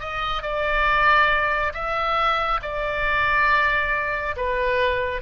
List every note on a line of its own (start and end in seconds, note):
0.00 0.42 D#5
0.42 1.73 D5
1.74 2.60 E5
2.62 4.36 D5
4.36 5.21 B4